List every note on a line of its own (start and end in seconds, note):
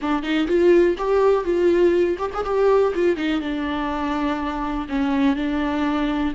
0.01 0.22 D4
0.22 0.47 D#4
0.47 0.96 F4
0.98 1.44 G4
1.44 2.17 F4
2.18 2.30 G4
2.34 2.44 G#4
2.44 2.93 G4
2.94 3.16 F4
3.16 3.41 D#4
3.41 4.87 D4
4.88 5.36 C#4
5.36 6.33 D4